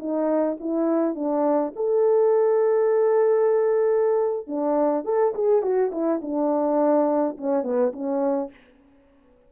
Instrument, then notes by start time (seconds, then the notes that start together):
horn
0.00 D#4
0.60 E4
1.16 D4
1.76 A4
4.47 D4
5.05 A4
5.35 G#4
5.62 F#4
5.92 E4
6.22 D4
7.38 C#4
7.64 B3
7.93 C#4